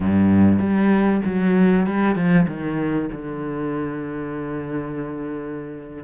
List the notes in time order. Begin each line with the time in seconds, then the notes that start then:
0.00 G2
0.59 G3
1.25 F#3
1.86 G3
2.15 F3
2.47 D#3
3.12 D3